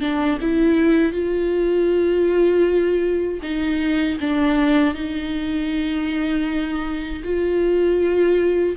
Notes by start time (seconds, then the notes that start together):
0.00 D4
0.41 E4
1.12 F4
3.42 D#4
4.20 D4
4.94 D#4
7.24 F4